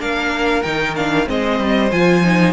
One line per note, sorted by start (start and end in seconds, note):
0.00 0.65 A#3
0.00 0.64 D4
0.00 1.28 A#4
0.00 0.63 F5
0.63 1.29 D#3
0.63 0.96 D#4
0.63 0.95 G5
0.96 1.25 D4
0.96 1.28 F5
1.25 1.59 G#3
1.25 1.89 C4
1.25 2.53 C5
1.25 1.92 D#5
1.59 1.91 G3
1.92 2.53 F3
1.92 2.24 F4
1.92 2.53 G#5
2.24 2.53 D#4